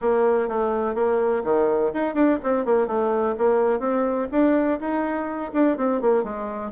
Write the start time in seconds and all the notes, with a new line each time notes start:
0.01 A#3
0.48 A3
0.94 A#3
1.44 D#3
1.93 D#4
2.14 D4
2.43 C4
2.65 A#3
2.87 A3
3.38 A#3
3.79 C4
4.31 D4
4.79 D#4
5.53 D4
5.77 C4
6.01 A#3
6.23 G#3